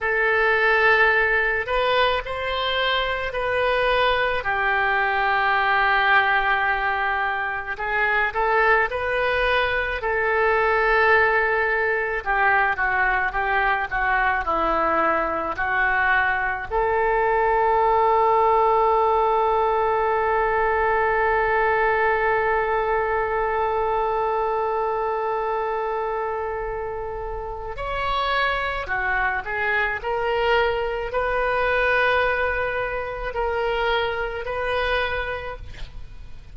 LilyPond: \new Staff \with { instrumentName = "oboe" } { \time 4/4 \tempo 4 = 54 a'4. b'8 c''4 b'4 | g'2. gis'8 a'8 | b'4 a'2 g'8 fis'8 | g'8 fis'8 e'4 fis'4 a'4~ |
a'1~ | a'1~ | a'4 cis''4 fis'8 gis'8 ais'4 | b'2 ais'4 b'4 | }